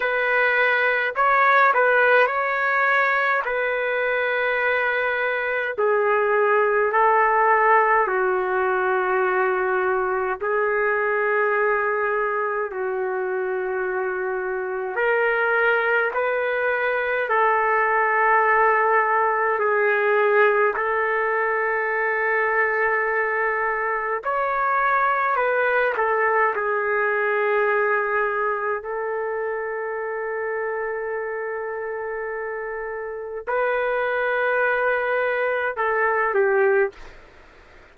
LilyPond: \new Staff \with { instrumentName = "trumpet" } { \time 4/4 \tempo 4 = 52 b'4 cis''8 b'8 cis''4 b'4~ | b'4 gis'4 a'4 fis'4~ | fis'4 gis'2 fis'4~ | fis'4 ais'4 b'4 a'4~ |
a'4 gis'4 a'2~ | a'4 cis''4 b'8 a'8 gis'4~ | gis'4 a'2.~ | a'4 b'2 a'8 g'8 | }